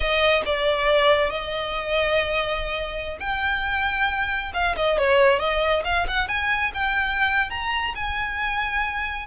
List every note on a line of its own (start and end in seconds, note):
0.00 0.42 D#5
0.45 1.30 D5
1.30 3.17 D#5
3.19 4.52 G5
4.53 4.75 F5
4.75 4.97 D#5
4.97 5.39 C#5
5.39 5.83 D#5
5.84 6.06 F5
6.07 6.28 F#5
6.28 6.72 G#5
6.74 7.50 G5
7.50 7.94 A#5
7.95 9.26 G#5